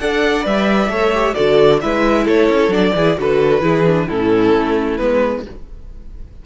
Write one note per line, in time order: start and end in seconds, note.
0.00 0.46 D4
0.00 0.42 A4
0.00 0.91 D5
0.00 0.45 F#5
0.42 0.89 G3
0.42 0.88 B4
0.42 1.34 E5
0.89 1.34 A3
0.89 1.13 A4
0.89 1.35 C#5
1.15 1.36 G4
1.34 1.83 D3
1.34 1.81 F#4
1.34 1.81 A4
1.34 1.80 D5
1.82 2.27 G#3
1.82 2.71 E4
1.82 2.25 B4
1.82 2.27 E5
2.25 2.49 A3
2.25 2.93 A4
2.25 2.73 C#5
2.49 2.69 C#4
2.69 2.92 F#3
2.69 2.94 D4
2.69 3.18 D5
2.95 3.18 E3
2.95 3.17 E4
2.95 3.18 G#4
3.17 3.62 D3
3.17 3.61 F#4
3.17 3.63 A4
3.17 4.09 B4
3.61 4.07 E3
3.61 3.84 E4
3.61 4.08 G#4
3.87 4.09 D4
4.08 4.54 A2
4.08 5.00 C#4
4.08 5.44 E4
4.08 4.97 A4
4.54 4.99 A3
4.97 5.46 G#3
4.97 5.45 B3
4.97 5.43 B4